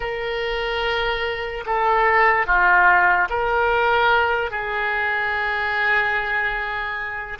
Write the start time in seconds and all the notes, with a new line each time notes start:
0.00 A#4
1.66 A4
2.46 F4
3.29 A#4
4.50 G#4